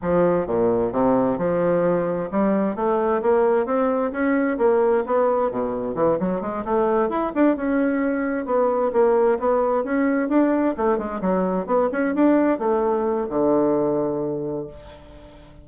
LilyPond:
\new Staff \with { instrumentName = "bassoon" } { \time 4/4 \tempo 4 = 131 f4 ais,4 c4 f4~ | f4 g4 a4 ais4 | c'4 cis'4 ais4 b4 | b,4 e8 fis8 gis8 a4 e'8 |
d'8 cis'2 b4 ais8~ | ais8 b4 cis'4 d'4 a8 | gis8 fis4 b8 cis'8 d'4 a8~ | a4 d2. | }